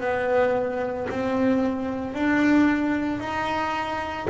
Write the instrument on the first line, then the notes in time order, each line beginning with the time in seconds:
double bass
0.00 B3
1.09 C4
2.14 D4
3.19 D#4